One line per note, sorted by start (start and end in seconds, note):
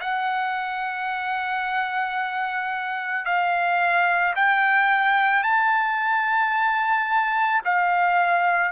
0.00 3.25 F#5
3.25 4.34 F5
4.35 5.43 G5
5.43 7.61 A5
7.65 8.71 F5